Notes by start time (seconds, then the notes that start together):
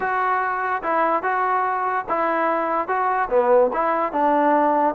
0.00 F#4
0.83 E4
1.23 F#4
2.08 E4
2.87 F#4
3.29 B3
3.73 E4
4.12 D4